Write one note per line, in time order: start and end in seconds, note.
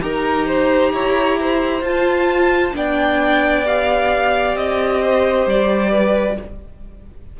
0.00 0.92 D#4
0.00 1.82 G4
0.00 0.46 A#4
0.00 1.84 A#5
0.46 0.92 C5
0.92 1.81 E4
0.92 1.38 C#5
1.39 2.75 C5
1.81 2.72 F4
1.81 2.73 F4
1.81 2.75 A5
2.73 4.55 B3
2.73 3.63 D4
2.73 5.02 D5
2.73 3.66 G5
3.65 6.38 G4
3.65 4.56 F5
4.55 5.46 C4
4.55 5.47 D#5
5.02 5.91 C5
5.46 6.37 G3
5.46 6.39 D5
5.91 6.36 B4